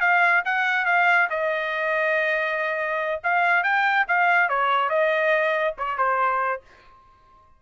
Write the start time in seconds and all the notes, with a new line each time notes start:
0.00 F5
0.45 F#5
0.85 F5
1.29 D#5
3.23 F5
3.63 G5
4.08 F5
4.49 C#5
4.89 D#5
5.77 C#5
5.97 C5